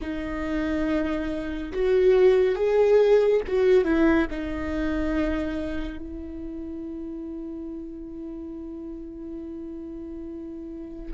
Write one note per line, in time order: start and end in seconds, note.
0.01 1.72 D#4
1.72 2.55 F#4
2.55 3.41 G#4
3.47 3.84 F#4
3.84 4.27 E4
4.30 5.98 D#4
5.98 11.12 E4